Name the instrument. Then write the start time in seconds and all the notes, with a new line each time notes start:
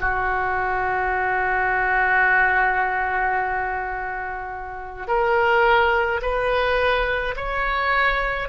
oboe
0.00 F#4
5.07 A#4
6.22 B4
7.36 C#5